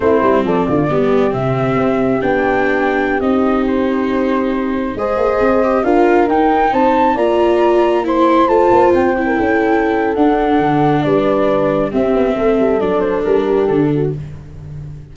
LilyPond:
<<
  \new Staff \with { instrumentName = "flute" } { \time 4/4 \tempo 4 = 136 c''4 d''2 e''4~ | e''4 g''2~ g''16 dis''8.~ | dis''16 c''2. dis''8.~ | dis''4~ dis''16 f''4 g''4 a''8.~ |
a''16 ais''2 c'''4 a''8.~ | a''16 g''2~ g''8. fis''4~ | fis''4 d''2 e''4~ | e''4 d''8 c''8 ais'4 a'4 | }
  \new Staff \with { instrumentName = "horn" } { \time 4/4 e'4 a'8 f'8 g'2~ | g'1~ | g'2.~ g'16 c''8.~ | c''4~ c''16 ais'2 c''8.~ |
c''16 d''2 c''4.~ c''16~ | c''4 ais'16 a'2~ a'8.~ | a'4 b'2 g'4 | a'2~ a'8 g'4 fis'8 | }
  \new Staff \with { instrumentName = "viola" } { \time 4/4 c'2 b4 c'4~ | c'4 d'2~ d'16 dis'8.~ | dis'2.~ dis'16 gis'8.~ | gis'8. g'8 f'4 dis'4.~ dis'16~ |
dis'16 f'2 e'4 f'8.~ | f'8. e'2~ e'16 d'4~ | d'2. c'4~ | c'4 d'2. | }
  \new Staff \with { instrumentName = "tuba" } { \time 4/4 a8 g8 f8 d8 g4 c4 | c'4 b2~ b16 c'8.~ | c'2.~ c'16 gis8 ais16~ | ais16 c'4 d'4 dis'4 c'8.~ |
c'16 ais2. a8 ais16~ | ais16 c'4 cis'4.~ cis'16 d'4 | d4 g2 c'8 b8 | a8 g8 fis4 g4 d4 | }
>>